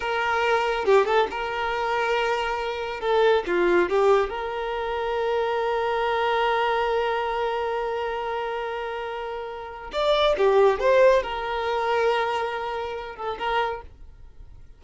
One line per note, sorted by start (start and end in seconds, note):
0.00 0.85 A#4
0.85 1.05 G4
1.05 1.27 A4
1.31 3.00 A#4
3.00 3.43 A4
3.46 3.89 F4
3.89 4.29 G4
4.29 9.90 A#4
9.92 10.35 D5
10.37 10.79 G4
10.79 11.22 C5
11.22 13.16 A#4
13.16 13.37 A4
13.38 13.81 A#4